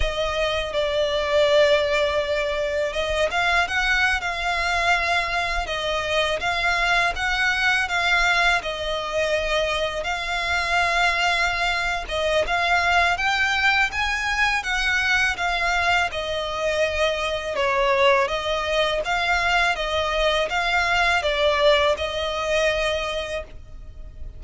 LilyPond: \new Staff \with { instrumentName = "violin" } { \time 4/4 \tempo 4 = 82 dis''4 d''2. | dis''8 f''8 fis''8. f''2 dis''16~ | dis''8. f''4 fis''4 f''4 dis''16~ | dis''4.~ dis''16 f''2~ f''16~ |
f''8 dis''8 f''4 g''4 gis''4 | fis''4 f''4 dis''2 | cis''4 dis''4 f''4 dis''4 | f''4 d''4 dis''2 | }